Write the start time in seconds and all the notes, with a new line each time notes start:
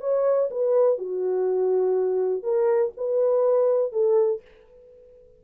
0.00 C#5
0.51 B4
0.98 F#4
2.43 A#4
2.97 B4
3.92 A4